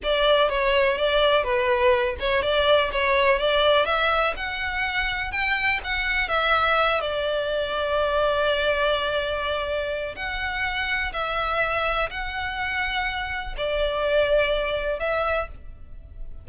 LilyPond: \new Staff \with { instrumentName = "violin" } { \time 4/4 \tempo 4 = 124 d''4 cis''4 d''4 b'4~ | b'8 cis''8 d''4 cis''4 d''4 | e''4 fis''2 g''4 | fis''4 e''4. d''4.~ |
d''1~ | d''4 fis''2 e''4~ | e''4 fis''2. | d''2. e''4 | }